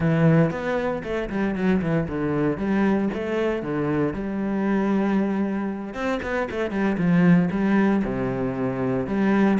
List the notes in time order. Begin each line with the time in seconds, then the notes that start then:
0.00 E3
0.50 B3
1.03 A3
1.29 G3
1.55 F#3
1.81 E3
2.08 D3
2.57 G3
3.13 A3
3.62 D3
4.13 G3
5.93 C4
6.22 B3
6.50 A3
6.71 G3
6.97 F3
7.50 G3
8.04 C3
9.06 G3